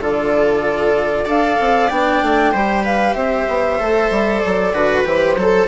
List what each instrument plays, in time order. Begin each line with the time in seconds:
0.00 bassoon D3, cello F4, viola A4, flute D5
1.24 bassoon D4, cello A4, viola D5, flute F5
1.60 bassoon C4
1.89 bassoon B3, cello D4, flute G5
2.22 bassoon A3
2.52 bassoon G3, cello G4, viola C5
2.84 viola B4, flute F5
3.13 bassoon C4, viola C5, flute E5
3.48 bassoon B3
3.79 bassoon A3, cello A4
4.10 bassoon G3
4.39 flute D5
4.45 bassoon F#3
4.73 bassoon D3, cello F#4, viola B4
5.04 bassoon E3, cello G4, flute C5
5.36 bassoon F#3, cello A4, viola A4